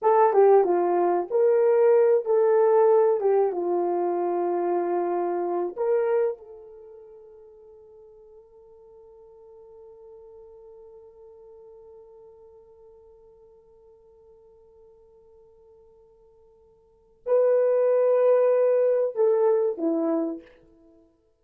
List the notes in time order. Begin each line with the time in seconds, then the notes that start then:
0.02 A4
0.33 G4
0.64 F4
1.30 A#4
2.25 A4
3.20 G4
3.52 F4
5.76 A#4
6.37 A4
17.26 B4
19.15 A4
19.77 E4